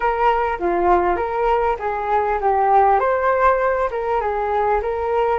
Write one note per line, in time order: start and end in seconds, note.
0.00 0.58 A#4
0.59 1.16 F4
1.16 1.76 A#4
1.79 2.39 G#4
2.40 2.99 G4
2.99 3.89 C5
3.90 4.20 A#4
4.20 4.80 G#4
4.82 5.39 A#4